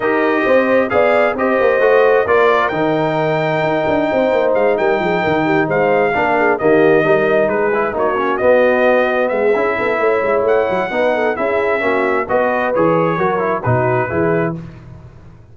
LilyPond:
<<
  \new Staff \with { instrumentName = "trumpet" } { \time 4/4 \tempo 4 = 132 dis''2 f''4 dis''4~ | dis''4 d''4 g''2~ | g''2 f''8 g''4.~ | g''8 f''2 dis''4.~ |
dis''8 b'4 cis''4 dis''4.~ | dis''8 e''2~ e''8 fis''4~ | fis''4 e''2 dis''4 | cis''2 b'2 | }
  \new Staff \with { instrumentName = "horn" } { \time 4/4 ais'4 c''4 d''4 c''4~ | c''4 ais'2.~ | ais'4 c''4. ais'8 gis'8 ais'8 | g'8 c''4 ais'8 gis'8 g'4 ais'8~ |
ais'8 gis'4 fis'2~ fis'8~ | fis'8 gis'4 a'8 cis''2 | b'8 a'8 gis'4 fis'4 b'4~ | b'4 ais'4 fis'4 gis'4 | }
  \new Staff \with { instrumentName = "trombone" } { \time 4/4 g'2 gis'4 g'4 | fis'4 f'4 dis'2~ | dis'1~ | dis'4. d'4 ais4 dis'8~ |
dis'4 e'8 dis'8 cis'8 b4.~ | b4 e'2. | dis'4 e'4 cis'4 fis'4 | gis'4 fis'8 e'8 dis'4 e'4 | }
  \new Staff \with { instrumentName = "tuba" } { \time 4/4 dis'4 c'4 b4 c'8 ais8 | a4 ais4 dis2 | dis'8 d'8 c'8 ais8 gis8 g8 f8 dis8~ | dis8 gis4 ais4 dis4 g8~ |
g8 gis4 ais4 b4.~ | b8 gis8 cis'8 b8 a8 gis8 a8 fis8 | b4 cis'4 ais4 b4 | e4 fis4 b,4 e4 | }
>>